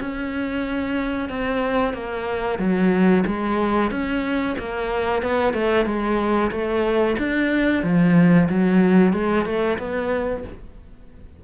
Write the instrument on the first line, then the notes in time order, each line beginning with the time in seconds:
cello
0.00 C#4
1.29 C4
1.94 A#3
2.58 F#3
3.26 G#3
3.91 C#4
4.58 A#3
5.22 B3
5.53 A3
5.85 G#3
6.51 A3
7.18 D4
7.83 F3
8.49 F#3
9.13 G#3
9.45 A3
9.78 B3